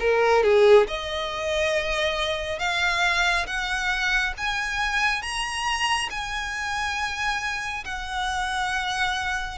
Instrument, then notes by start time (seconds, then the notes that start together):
violin
0.00 A#4
0.43 G#4
0.87 D#5
2.59 F5
3.47 F#5
4.38 G#5
5.22 A#5
6.10 G#5
7.85 F#5